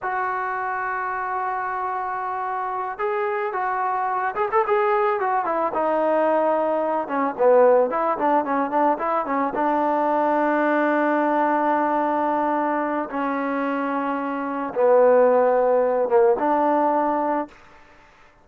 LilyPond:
\new Staff \with { instrumentName = "trombone" } { \time 4/4 \tempo 4 = 110 fis'1~ | fis'4. gis'4 fis'4. | gis'16 a'16 gis'4 fis'8 e'8 dis'4.~ | dis'4 cis'8 b4 e'8 d'8 cis'8 |
d'8 e'8 cis'8 d'2~ d'8~ | d'1 | cis'2. b4~ | b4. ais8 d'2 | }